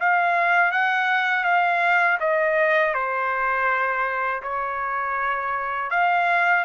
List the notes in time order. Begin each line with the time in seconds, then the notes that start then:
0.00 F5
0.72 F#5
1.44 F5
2.20 D#5
2.94 C5
4.43 C#5
5.91 F5